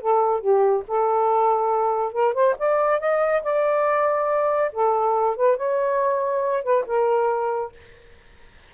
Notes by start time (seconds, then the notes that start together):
0.00 A4
0.40 G4
0.87 A4
2.12 A#4
2.33 C5
2.58 D5
2.99 D#5
3.42 D5
4.72 A4
5.36 B4
5.56 C#5
6.63 B4
6.86 A#4